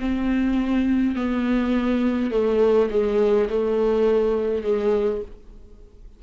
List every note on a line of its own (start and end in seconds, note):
0.00 1.16 C4
1.16 2.32 B3
2.32 2.90 A3
2.91 3.49 G#3
3.50 4.64 A3
4.64 5.22 G#3